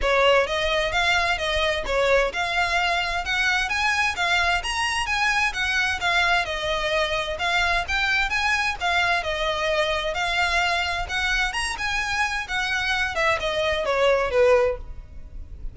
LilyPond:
\new Staff \with { instrumentName = "violin" } { \time 4/4 \tempo 4 = 130 cis''4 dis''4 f''4 dis''4 | cis''4 f''2 fis''4 | gis''4 f''4 ais''4 gis''4 | fis''4 f''4 dis''2 |
f''4 g''4 gis''4 f''4 | dis''2 f''2 | fis''4 ais''8 gis''4. fis''4~ | fis''8 e''8 dis''4 cis''4 b'4 | }